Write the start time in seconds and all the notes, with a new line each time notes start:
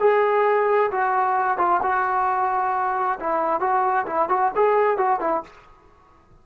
0.00 G#4
0.92 F#4
1.58 F4
1.83 F#4
3.20 E4
3.61 F#4
4.06 E4
4.30 F#4
4.56 G#4
4.98 F#4
5.20 E4